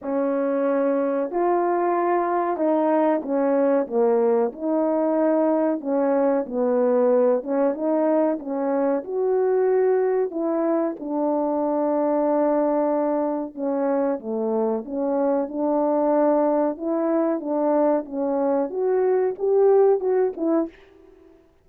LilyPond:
\new Staff \with { instrumentName = "horn" } { \time 4/4 \tempo 4 = 93 cis'2 f'2 | dis'4 cis'4 ais4 dis'4~ | dis'4 cis'4 b4. cis'8 | dis'4 cis'4 fis'2 |
e'4 d'2.~ | d'4 cis'4 a4 cis'4 | d'2 e'4 d'4 | cis'4 fis'4 g'4 fis'8 e'8 | }